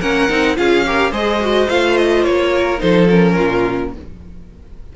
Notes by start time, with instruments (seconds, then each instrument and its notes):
0.00 cello A#3, viola C#4, violin A#4 F#5
0.30 cello C4, viola D#4
0.56 cello C#4, viola F4, violin G#4 F5
0.86 viola G4, violin A#4
1.11 cello G#3, viola G#4, violin C5 D#5
1.41 viola F#4
1.70 cello A3, viola F4, violin F5
1.97 violin D#5
2.24 cello A#3, violin C#5
2.55 violin A#4
2.79 cello F3, viola D#4, violin A4 C5
3.09 viola C#4, violin A#4
3.36 cello A#2, violin F4